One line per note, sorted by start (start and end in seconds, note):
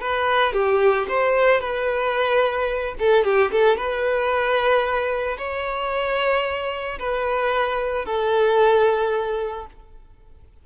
0.00 0.53 B4
0.53 1.06 G4
1.08 1.60 C5
1.60 2.94 B4
2.99 3.24 A4
3.24 3.51 G4
3.51 3.76 A4
3.76 5.37 B4
5.37 6.98 C#5
6.99 8.05 B4
8.05 9.66 A4